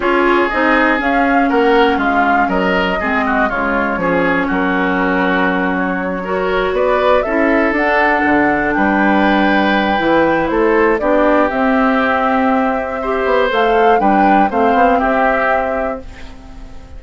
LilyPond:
<<
  \new Staff \with { instrumentName = "flute" } { \time 4/4 \tempo 4 = 120 cis''4 dis''4 f''4 fis''4 | f''4 dis''2 cis''4~ | cis''4 ais'2~ ais'8 cis''8~ | cis''4. d''4 e''4 fis''8~ |
fis''4. g''2~ g''8~ | g''4 c''4 d''4 e''4~ | e''2. f''4 | g''4 f''4 e''2 | }
  \new Staff \with { instrumentName = "oboe" } { \time 4/4 gis'2. ais'4 | f'4 ais'4 gis'8 fis'8 f'4 | gis'4 fis'2.~ | fis'8 ais'4 b'4 a'4.~ |
a'4. b'2~ b'8~ | b'4 a'4 g'2~ | g'2 c''2 | b'4 c''4 g'2 | }
  \new Staff \with { instrumentName = "clarinet" } { \time 4/4 f'4 dis'4 cis'2~ | cis'2 c'4 gis4 | cis'1~ | cis'8 fis'2 e'4 d'8~ |
d'1 | e'2 d'4 c'4~ | c'2 g'4 a'4 | d'4 c'2. | }
  \new Staff \with { instrumentName = "bassoon" } { \time 4/4 cis'4 c'4 cis'4 ais4 | gis4 fis4 gis4 cis4 | f4 fis2.~ | fis4. b4 cis'4 d'8~ |
d'8 d4 g2~ g8 | e4 a4 b4 c'4~ | c'2~ c'8 b8 a4 | g4 a8 b8 c'2 | }
>>